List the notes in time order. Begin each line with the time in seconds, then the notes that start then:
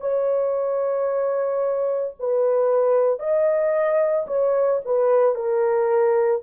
0.00 C#5
2.19 B4
3.19 D#5
4.27 C#5
4.85 B4
5.35 A#4